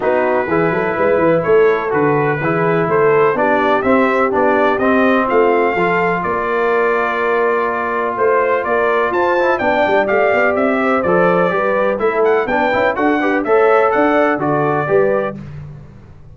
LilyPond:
<<
  \new Staff \with { instrumentName = "trumpet" } { \time 4/4 \tempo 4 = 125 b'2. cis''4 | b'2 c''4 d''4 | e''4 d''4 dis''4 f''4~ | f''4 d''2.~ |
d''4 c''4 d''4 a''4 | g''4 f''4 e''4 d''4~ | d''4 e''8 fis''8 g''4 fis''4 | e''4 fis''4 d''2 | }
  \new Staff \with { instrumentName = "horn" } { \time 4/4 fis'4 gis'8 a'8 b'4 a'4~ | a'4 gis'4 a'4 g'4~ | g'2. f'4 | a'4 ais'2.~ |
ais'4 c''4 ais'4 c''4 | d''2~ d''8 c''4. | b'4 a'4 b'4 a'8 b'8 | cis''4 d''4 a'4 b'4 | }
  \new Staff \with { instrumentName = "trombone" } { \time 4/4 dis'4 e'2. | fis'4 e'2 d'4 | c'4 d'4 c'2 | f'1~ |
f'2.~ f'8 e'8 | d'4 g'2 a'4 | g'4 e'4 d'8 e'8 fis'8 g'8 | a'2 fis'4 g'4 | }
  \new Staff \with { instrumentName = "tuba" } { \time 4/4 b4 e8 fis8 gis8 e8 a4 | d4 e4 a4 b4 | c'4 b4 c'4 a4 | f4 ais2.~ |
ais4 a4 ais4 f'4 | b8 g8 a8 b8 c'4 f4 | g4 a4 b8 cis'8 d'4 | a4 d'4 d4 g4 | }
>>